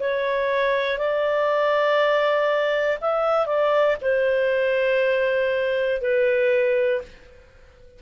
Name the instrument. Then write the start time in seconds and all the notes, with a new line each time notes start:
clarinet
0.00 C#5
0.99 D5
3.01 E5
3.46 D5
4.02 C5
6.01 B4